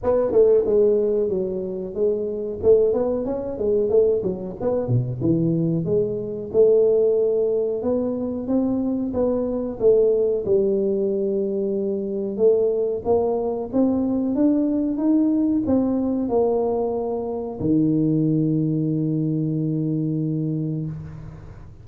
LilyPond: \new Staff \with { instrumentName = "tuba" } { \time 4/4 \tempo 4 = 92 b8 a8 gis4 fis4 gis4 | a8 b8 cis'8 gis8 a8 fis8 b8 b,8 | e4 gis4 a2 | b4 c'4 b4 a4 |
g2. a4 | ais4 c'4 d'4 dis'4 | c'4 ais2 dis4~ | dis1 | }